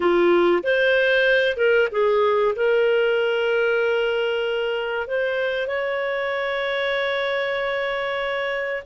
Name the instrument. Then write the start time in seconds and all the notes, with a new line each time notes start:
clarinet
0.00 F4
0.63 C5
1.56 A#4
1.91 G#4
2.55 A#4
5.07 C5
5.67 C#5